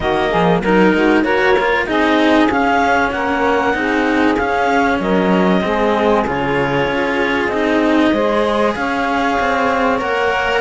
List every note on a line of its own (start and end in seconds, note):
0.00 0.31 D#3
0.00 0.63 A#3
0.00 0.29 F#4
0.00 0.61 D#5
0.29 0.61 F3
0.29 0.60 G#4
0.61 0.92 F#3
0.61 1.24 D#4
0.61 1.23 A#4
0.61 0.94 A#4
0.94 1.24 G#3
0.94 1.22 F#4
1.22 1.87 A#3
1.22 1.55 F#4
1.22 1.85 A#4
1.22 1.86 C#5
1.59 1.86 F4
1.86 2.47 C4
1.86 2.48 D#4
1.86 3.12 G#4
1.86 2.50 D#5
2.47 3.10 C#4
2.47 3.73 C#4
2.47 3.11 F5
3.11 3.74 A#3
3.11 3.76 A#4
3.11 4.36 F#5
3.73 4.37 C4
3.73 4.35 D#4
3.73 5.00 G#4
4.36 5.61 C#4
4.36 5.00 C#4
4.36 4.99 F5
5.00 5.62 F#3
5.00 5.62 A#4
5.00 6.25 D#5
5.61 6.26 G#3
5.61 6.23 C4
5.61 8.12 G#4
6.26 6.87 C#3
6.26 7.52 F4
6.26 7.47 C#5
6.87 7.48 C#4
7.47 8.10 C4
7.47 8.14 D#4
7.47 8.72 D#5
8.12 8.75 G#3
8.12 9.98 G#4
8.12 8.74 C5
8.74 9.38 C#4
8.74 10.60 C#5
8.74 9.99 F5
9.39 10.01 C4
9.98 10.60 A#3
9.98 10.60 A#4
9.98 10.60 F#5